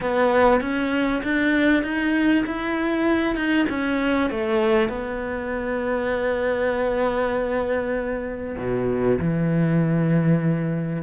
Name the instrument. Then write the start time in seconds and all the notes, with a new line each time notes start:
cello
0.00 B3
0.60 C#4
1.23 D4
1.83 D#4
2.46 E4
3.35 D#4
3.69 C#4
4.30 A3
4.88 B3
8.57 B2
9.19 E3